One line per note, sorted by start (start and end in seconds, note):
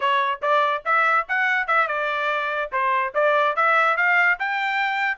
0.00 0.41 C#5
0.41 0.83 D5
0.85 1.27 E5
1.28 1.67 F#5
1.67 1.87 E5
1.87 2.70 D5
2.72 3.13 C5
3.14 3.55 D5
3.55 3.96 E5
3.96 4.38 F5
4.39 5.17 G5